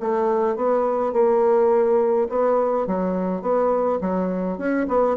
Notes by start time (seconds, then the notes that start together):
0.00 A3
0.56 B3
1.12 A#3
2.29 B3
2.87 F#3
3.41 B3
4.01 F#3
4.58 C#4
4.88 B3